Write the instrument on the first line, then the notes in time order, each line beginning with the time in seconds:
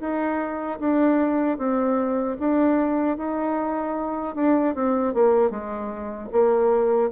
bassoon
0.00 D#4
0.80 D4
1.58 C4
2.39 D4
3.17 D#4
4.35 D4
4.74 C4
5.14 A#3
5.50 G#3
6.32 A#3